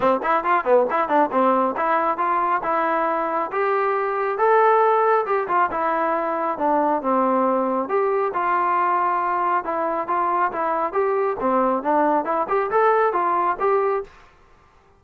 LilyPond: \new Staff \with { instrumentName = "trombone" } { \time 4/4 \tempo 4 = 137 c'8 e'8 f'8 b8 e'8 d'8 c'4 | e'4 f'4 e'2 | g'2 a'2 | g'8 f'8 e'2 d'4 |
c'2 g'4 f'4~ | f'2 e'4 f'4 | e'4 g'4 c'4 d'4 | e'8 g'8 a'4 f'4 g'4 | }